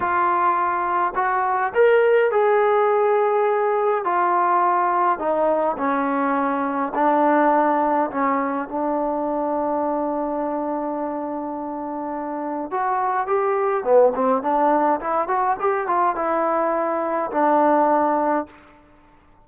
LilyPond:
\new Staff \with { instrumentName = "trombone" } { \time 4/4 \tempo 4 = 104 f'2 fis'4 ais'4 | gis'2. f'4~ | f'4 dis'4 cis'2 | d'2 cis'4 d'4~ |
d'1~ | d'2 fis'4 g'4 | b8 c'8 d'4 e'8 fis'8 g'8 f'8 | e'2 d'2 | }